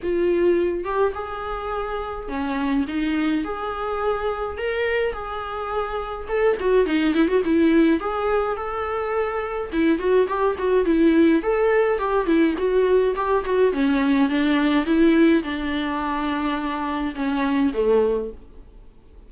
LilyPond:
\new Staff \with { instrumentName = "viola" } { \time 4/4 \tempo 4 = 105 f'4. g'8 gis'2 | cis'4 dis'4 gis'2 | ais'4 gis'2 a'8 fis'8 | dis'8 e'16 fis'16 e'4 gis'4 a'4~ |
a'4 e'8 fis'8 g'8 fis'8 e'4 | a'4 g'8 e'8 fis'4 g'8 fis'8 | cis'4 d'4 e'4 d'4~ | d'2 cis'4 a4 | }